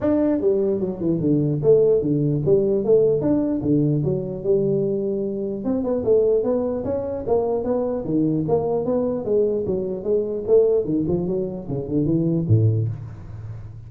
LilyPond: \new Staff \with { instrumentName = "tuba" } { \time 4/4 \tempo 4 = 149 d'4 g4 fis8 e8 d4 | a4 d4 g4 a4 | d'4 d4 fis4 g4~ | g2 c'8 b8 a4 |
b4 cis'4 ais4 b4 | dis4 ais4 b4 gis4 | fis4 gis4 a4 dis8 f8 | fis4 cis8 d8 e4 a,4 | }